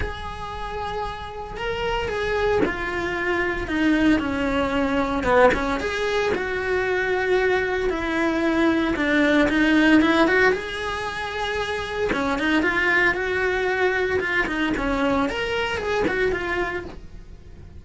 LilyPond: \new Staff \with { instrumentName = "cello" } { \time 4/4 \tempo 4 = 114 gis'2. ais'4 | gis'4 f'2 dis'4 | cis'2 b8 cis'8 gis'4 | fis'2. e'4~ |
e'4 d'4 dis'4 e'8 fis'8 | gis'2. cis'8 dis'8 | f'4 fis'2 f'8 dis'8 | cis'4 ais'4 gis'8 fis'8 f'4 | }